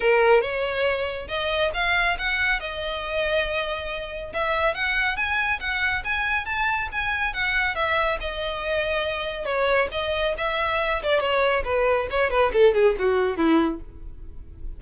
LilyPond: \new Staff \with { instrumentName = "violin" } { \time 4/4 \tempo 4 = 139 ais'4 cis''2 dis''4 | f''4 fis''4 dis''2~ | dis''2 e''4 fis''4 | gis''4 fis''4 gis''4 a''4 |
gis''4 fis''4 e''4 dis''4~ | dis''2 cis''4 dis''4 | e''4. d''8 cis''4 b'4 | cis''8 b'8 a'8 gis'8 fis'4 e'4 | }